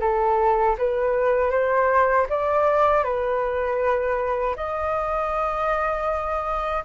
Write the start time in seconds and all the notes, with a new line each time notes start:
0.00 A4
0.78 B4
1.51 C5
2.29 D5
3.03 B4
4.56 D#5